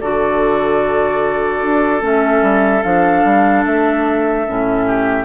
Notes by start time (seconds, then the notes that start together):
0.00 D3 F#4 A4 D5
1.62 D4
2.01 A3 C#4 E5
2.42 G3
2.82 F3 D4 F5
3.24 G3
3.65 A3 E5
4.47 A2 C#4
4.86 G4